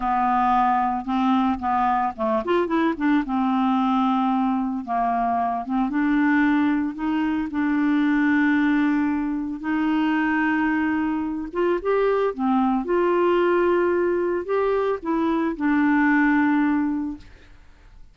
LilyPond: \new Staff \with { instrumentName = "clarinet" } { \time 4/4 \tempo 4 = 112 b2 c'4 b4 | a8 f'8 e'8 d'8 c'2~ | c'4 ais4. c'8 d'4~ | d'4 dis'4 d'2~ |
d'2 dis'2~ | dis'4. f'8 g'4 c'4 | f'2. g'4 | e'4 d'2. | }